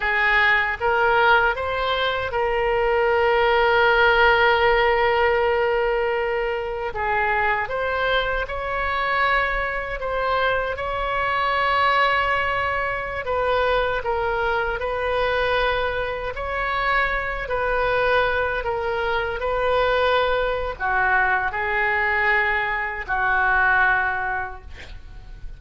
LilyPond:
\new Staff \with { instrumentName = "oboe" } { \time 4/4 \tempo 4 = 78 gis'4 ais'4 c''4 ais'4~ | ais'1~ | ais'4 gis'4 c''4 cis''4~ | cis''4 c''4 cis''2~ |
cis''4~ cis''16 b'4 ais'4 b'8.~ | b'4~ b'16 cis''4. b'4~ b'16~ | b'16 ais'4 b'4.~ b'16 fis'4 | gis'2 fis'2 | }